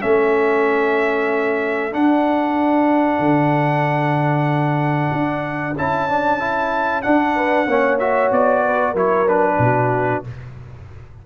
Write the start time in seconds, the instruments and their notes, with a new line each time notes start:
0.00 tuba A3, trombone C#4, horn A4, trumpet E5
1.92 trombone D4, tuba D4, trumpet F#5
3.19 tuba D3
5.12 tuba D4
5.77 tuba C#4, trombone E4, trumpet A5
6.09 trombone D4
6.39 trombone E4
7.02 trombone D4, tuba D4, trumpet F#5
7.35 horn B4
7.67 tuba A#3, trombone C#4, horn C#5
7.99 trombone F#4, trumpet E5
8.31 tuba B3, trumpet D5
8.65 horn B4
8.92 tuba F#3, trombone E4, horn A#4, trumpet C#5
9.28 trombone D4, trumpet B4
9.58 tuba B2, horn F#4